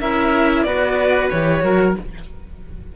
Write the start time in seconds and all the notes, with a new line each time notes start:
0.00 C#4 E4 A#4 E5
0.62 B3 F#4 B4 D5
1.29 E3 G4 C#5
1.60 F#3 F#4 A#4